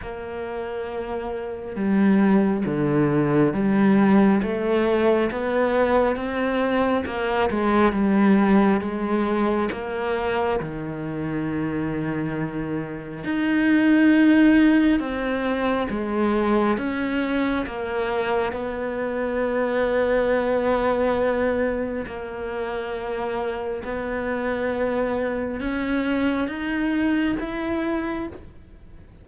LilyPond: \new Staff \with { instrumentName = "cello" } { \time 4/4 \tempo 4 = 68 ais2 g4 d4 | g4 a4 b4 c'4 | ais8 gis8 g4 gis4 ais4 | dis2. dis'4~ |
dis'4 c'4 gis4 cis'4 | ais4 b2.~ | b4 ais2 b4~ | b4 cis'4 dis'4 e'4 | }